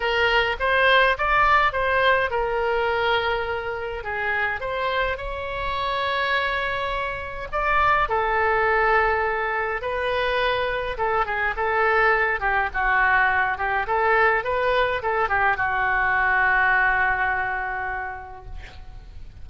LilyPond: \new Staff \with { instrumentName = "oboe" } { \time 4/4 \tempo 4 = 104 ais'4 c''4 d''4 c''4 | ais'2. gis'4 | c''4 cis''2.~ | cis''4 d''4 a'2~ |
a'4 b'2 a'8 gis'8 | a'4. g'8 fis'4. g'8 | a'4 b'4 a'8 g'8 fis'4~ | fis'1 | }